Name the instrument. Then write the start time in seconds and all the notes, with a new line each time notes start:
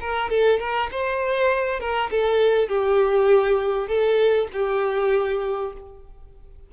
violin
0.00 A#4
0.29 A4
0.59 A#4
0.91 C5
1.80 A#4
2.10 A4
2.68 G4
3.88 A4
4.52 G4